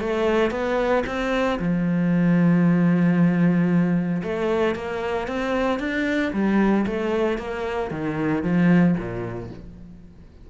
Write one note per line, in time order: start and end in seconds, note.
0.00 0.51 A3
0.51 1.04 B3
1.06 1.59 C4
1.59 4.22 F3
4.23 4.75 A3
4.75 5.28 A#3
5.28 5.79 C4
5.79 6.32 D4
6.33 6.86 G3
6.87 7.38 A3
7.38 7.91 A#3
7.91 8.43 D#3
8.43 8.96 F3
8.98 9.50 A#2